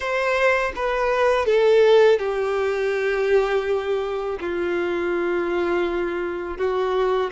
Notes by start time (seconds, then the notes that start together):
0.00 C5
0.75 B4
1.45 A4
2.18 G4
4.40 F4
6.57 F#4